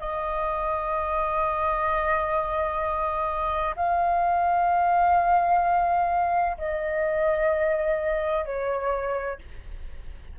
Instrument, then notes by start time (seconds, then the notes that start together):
flute
0.00 D#5
3.76 F5
6.58 D#5
8.45 C#5